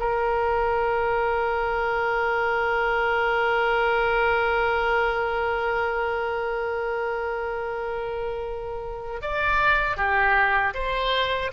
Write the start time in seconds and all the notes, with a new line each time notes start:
0.00 A#4
9.22 D5
9.97 G4
10.74 C5